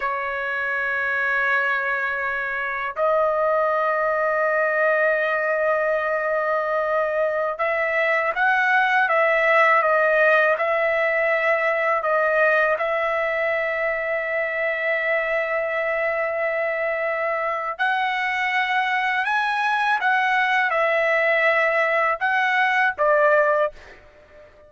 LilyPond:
\new Staff \with { instrumentName = "trumpet" } { \time 4/4 \tempo 4 = 81 cis''1 | dis''1~ | dis''2~ dis''16 e''4 fis''8.~ | fis''16 e''4 dis''4 e''4.~ e''16~ |
e''16 dis''4 e''2~ e''8.~ | e''1 | fis''2 gis''4 fis''4 | e''2 fis''4 d''4 | }